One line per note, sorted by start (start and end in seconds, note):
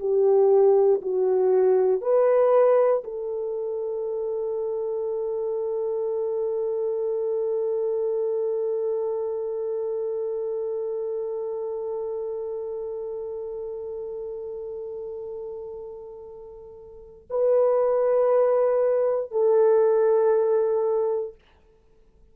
0.00 1.02 G4
1.02 2.02 F#4
2.02 3.03 B4
3.05 17.28 A4
17.31 19.32 B4
19.32 21.35 A4